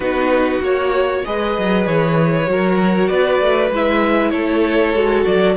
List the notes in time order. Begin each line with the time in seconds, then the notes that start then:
0.00 B3 D#4 F#4 B4
0.61 A#3 F#4 C#5
1.25 G#3 G#4 B4 D#5
1.57 F#3
1.86 E3 C#5
2.46 F#3 F#4 A#4
3.08 B3 B4 D5
3.40 A3
3.70 G#3 E4 E5
4.30 A3 A4 C#5
4.93 G#3 F#4
5.25 F#3 D5